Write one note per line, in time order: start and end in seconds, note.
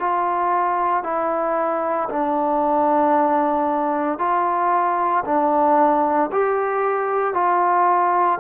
0.00 1.03 F4
1.03 2.09 E4
2.10 4.19 D4
4.19 5.24 F4
5.25 6.31 D4
6.32 7.34 G4
7.34 8.39 F4